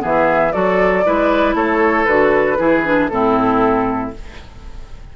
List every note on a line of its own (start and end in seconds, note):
0.00 0.55 E3
0.00 0.51 B3
0.00 0.53 G#4
0.00 0.53 E5
0.53 1.06 F#3
0.53 1.05 F#4
0.53 1.06 A4
0.53 1.55 D5
1.05 1.55 G#3
1.05 2.07 E4
1.05 1.56 B4
1.55 2.06 A3
1.55 2.58 A4
1.55 2.06 C#5
2.06 2.59 D3
2.06 2.58 F#4
2.06 3.08 B4
2.58 3.11 E3
2.58 2.84 E4
2.58 3.11 G#4
2.85 3.11 D4
3.09 4.13 A2
3.09 4.14 C4
3.09 4.17 E4
3.09 4.11 A4